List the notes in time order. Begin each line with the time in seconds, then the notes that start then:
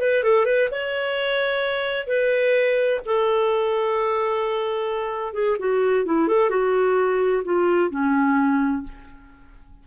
0.00 B4
0.23 A4
0.45 B4
0.71 C#5
2.07 B4
3.05 A4
5.34 G#4
5.59 F#4
6.05 E4
6.28 A4
6.50 F#4
7.44 F4
7.90 C#4